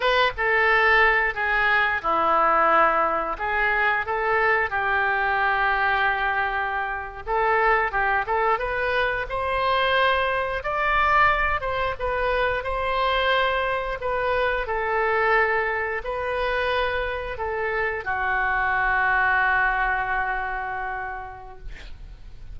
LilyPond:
\new Staff \with { instrumentName = "oboe" } { \time 4/4 \tempo 4 = 89 b'8 a'4. gis'4 e'4~ | e'4 gis'4 a'4 g'4~ | g'2~ g'8. a'4 g'16~ | g'16 a'8 b'4 c''2 d''16~ |
d''4~ d''16 c''8 b'4 c''4~ c''16~ | c''8. b'4 a'2 b'16~ | b'4.~ b'16 a'4 fis'4~ fis'16~ | fis'1 | }